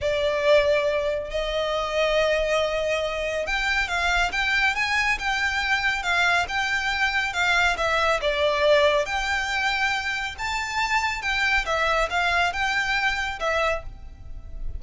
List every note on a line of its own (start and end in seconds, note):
0.01 1.30 D5
1.30 3.46 D#5
3.46 3.88 G5
3.88 4.31 F5
4.32 4.75 G5
4.75 5.18 G#5
5.18 6.02 G5
6.02 6.45 F5
6.48 7.33 G5
7.33 7.76 F5
7.77 8.20 E5
8.21 9.05 D5
9.05 10.35 G5
10.38 11.22 A5
11.22 11.65 G5
11.65 12.08 E5
12.10 12.53 F5
12.53 13.39 G5
13.39 13.82 E5